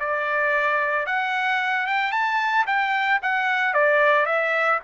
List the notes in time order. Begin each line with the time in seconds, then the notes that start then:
0.00 D5
1.06 F#5
1.87 G5
2.12 A5
2.67 G5
3.22 F#5
3.74 D5
4.26 E5